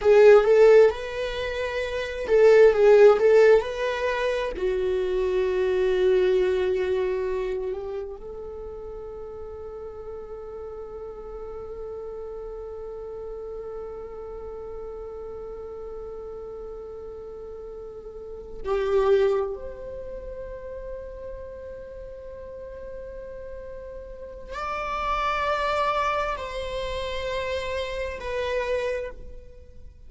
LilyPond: \new Staff \with { instrumentName = "viola" } { \time 4/4 \tempo 4 = 66 gis'8 a'8 b'4. a'8 gis'8 a'8 | b'4 fis'2.~ | fis'8 g'8 a'2.~ | a'1~ |
a'1~ | a'8 g'4 c''2~ c''8~ | c''2. d''4~ | d''4 c''2 b'4 | }